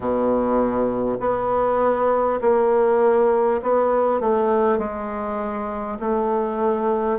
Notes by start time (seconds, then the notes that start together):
0.00 B2
1.20 B3
2.41 A#3
3.62 B3
4.20 A3
4.78 G#3
5.99 A3